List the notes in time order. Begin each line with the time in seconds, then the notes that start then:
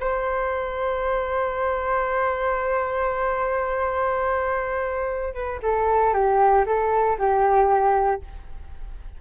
0.00 C5
5.34 B4
5.62 A4
6.13 G4
6.66 A4
7.18 G4